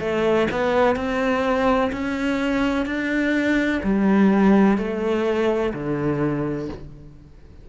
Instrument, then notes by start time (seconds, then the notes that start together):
cello
0.00 A3
0.51 B3
0.96 C4
1.92 C#4
2.86 D4
3.84 G3
4.78 A3
5.74 D3